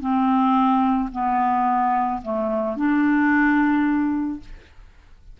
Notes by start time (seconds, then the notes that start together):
0.00 C4
1.12 B3
2.22 A3
2.76 D4